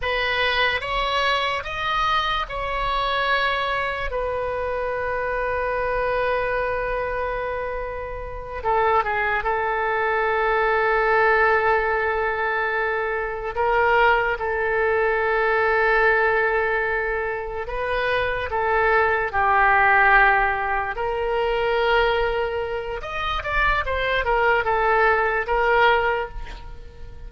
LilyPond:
\new Staff \with { instrumentName = "oboe" } { \time 4/4 \tempo 4 = 73 b'4 cis''4 dis''4 cis''4~ | cis''4 b'2.~ | b'2~ b'8 a'8 gis'8 a'8~ | a'1~ |
a'8 ais'4 a'2~ a'8~ | a'4. b'4 a'4 g'8~ | g'4. ais'2~ ais'8 | dis''8 d''8 c''8 ais'8 a'4 ais'4 | }